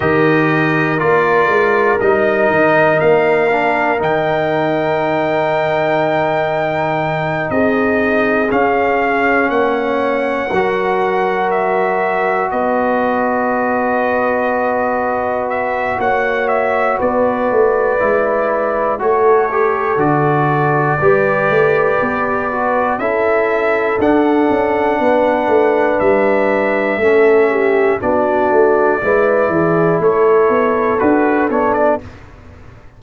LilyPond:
<<
  \new Staff \with { instrumentName = "trumpet" } { \time 4/4 \tempo 4 = 60 dis''4 d''4 dis''4 f''4 | g''2.~ g''8 dis''8~ | dis''8 f''4 fis''2 e''8~ | e''8 dis''2. e''8 |
fis''8 e''8 d''2 cis''4 | d''2. e''4 | fis''2 e''2 | d''2 cis''4 b'8 cis''16 d''16 | }
  \new Staff \with { instrumentName = "horn" } { \time 4/4 ais'1~ | ais'2.~ ais'8 gis'8~ | gis'4. cis''4 ais'4.~ | ais'8 b'2.~ b'8 |
cis''4 b'2 a'4~ | a'4 b'2 a'4~ | a'4 b'2 a'8 g'8 | fis'4 b'8 gis'8 a'2 | }
  \new Staff \with { instrumentName = "trombone" } { \time 4/4 g'4 f'4 dis'4. d'8 | dis'1~ | dis'8 cis'2 fis'4.~ | fis'1~ |
fis'2 e'4 fis'8 g'8 | fis'4 g'4. fis'8 e'4 | d'2. cis'4 | d'4 e'2 fis'8 d'8 | }
  \new Staff \with { instrumentName = "tuba" } { \time 4/4 dis4 ais8 gis8 g8 dis8 ais4 | dis2.~ dis8 c'8~ | c'8 cis'4 ais4 fis4.~ | fis8 b2.~ b8 |
ais4 b8 a8 gis4 a4 | d4 g8 a8 b4 cis'4 | d'8 cis'8 b8 a8 g4 a4 | b8 a8 gis8 e8 a8 b8 d'8 b8 | }
>>